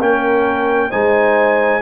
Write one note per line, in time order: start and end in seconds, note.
0.00 0.91 A#3
0.00 0.91 C#4
0.00 0.91 A#4
0.00 0.92 G5
0.91 1.83 G#3
0.91 1.82 D#4
0.91 1.82 C5
0.91 1.83 G#5